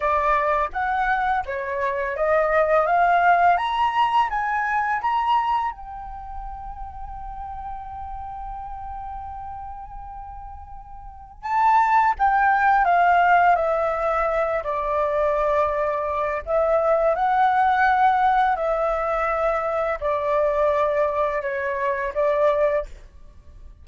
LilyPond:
\new Staff \with { instrumentName = "flute" } { \time 4/4 \tempo 4 = 84 d''4 fis''4 cis''4 dis''4 | f''4 ais''4 gis''4 ais''4 | g''1~ | g''1 |
a''4 g''4 f''4 e''4~ | e''8 d''2~ d''8 e''4 | fis''2 e''2 | d''2 cis''4 d''4 | }